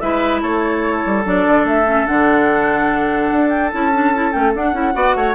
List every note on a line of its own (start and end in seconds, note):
0.00 0.42 G#3
0.00 1.24 E4
0.00 0.42 B4
0.00 0.41 E5
0.42 1.03 A3
0.42 4.94 A4
0.42 1.24 C#5
1.06 1.25 G3
1.24 1.46 F#3
1.24 1.86 D4
1.24 1.67 D5
1.47 1.65 D3
1.65 2.06 A3
1.65 2.07 E5
1.86 2.06 C#4
2.06 3.31 D3
2.06 3.71 D4
2.06 3.50 F#5
3.32 3.73 D4
3.50 3.70 G5
3.72 4.35 C#4
3.72 3.92 E4
3.72 4.32 A5
3.93 4.14 D4
4.14 4.32 E4
4.32 4.55 A3
4.32 4.52 C#4
4.32 4.53 G5
4.55 4.73 D4
4.55 4.74 D4
4.55 5.35 F#5
4.73 4.93 C#4
4.73 4.93 E4
4.93 5.15 B3
4.93 5.34 F#4
4.93 5.16 D5
5.15 5.35 A3
5.15 5.35 C#5